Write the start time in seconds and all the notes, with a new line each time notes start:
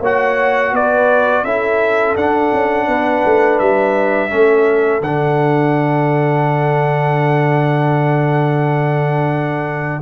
0.00 A#3 F#4 C#5 F#5
0.72 B3 B4 D5
1.43 C#4 E4 A4 E5
2.15 D4 F#5
2.53 C#4
2.87 B3 B4
3.25 A3
3.58 G3 E5
4.29 A3 C#4 A4
5.01 D3 D4 F#5